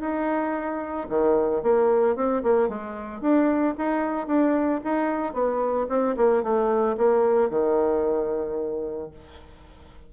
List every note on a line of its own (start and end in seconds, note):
0.00 1.07 D#4
1.09 1.62 D#3
1.63 2.16 A#3
2.16 2.43 C4
2.43 2.69 A#3
2.69 3.21 G#3
3.21 3.75 D4
3.78 4.27 D#4
4.27 4.81 D4
4.84 5.33 D#4
5.33 5.87 B3
5.89 6.16 C4
6.17 6.43 A#3
6.43 6.96 A3
6.97 7.50 A#3
7.50 9.11 D#3